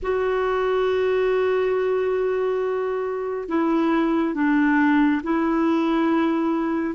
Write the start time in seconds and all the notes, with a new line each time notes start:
0.02 F#4
3.48 E4
4.34 D4
5.23 E4